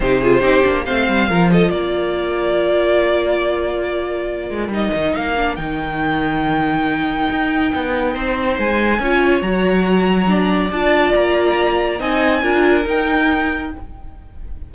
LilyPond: <<
  \new Staff \with { instrumentName = "violin" } { \time 4/4 \tempo 4 = 140 c''2 f''4. dis''8 | d''1~ | d''2. dis''4 | f''4 g''2.~ |
g''1 | gis''2 ais''2~ | ais''4 a''4 ais''2 | gis''2 g''2 | }
  \new Staff \with { instrumentName = "violin" } { \time 4/4 g'8 gis'8 g'4 c''4 ais'8 a'8 | ais'1~ | ais'1~ | ais'1~ |
ais'2. c''4~ | c''4 cis''2. | d''1 | dis''4 ais'2. | }
  \new Staff \with { instrumentName = "viola" } { \time 4/4 dis'8 f'8 dis'8 d'8 c'4 f'4~ | f'1~ | f'2. dis'4~ | dis'8 d'8 dis'2.~ |
dis'1~ | dis'4 f'4 fis'2 | d'4 f'2. | dis'4 f'4 dis'2 | }
  \new Staff \with { instrumentName = "cello" } { \time 4/4 c4 c'8 ais8 a8 g8 f4 | ais1~ | ais2~ ais8 gis8 g8 dis8 | ais4 dis2.~ |
dis4 dis'4 b4 c'4 | gis4 cis'4 fis2~ | fis4 d'4 ais2 | c'4 d'4 dis'2 | }
>>